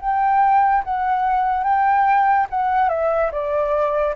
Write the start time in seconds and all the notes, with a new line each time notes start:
0.00 G5
0.84 F#5
1.63 G5
2.50 F#5
2.89 E5
3.31 D5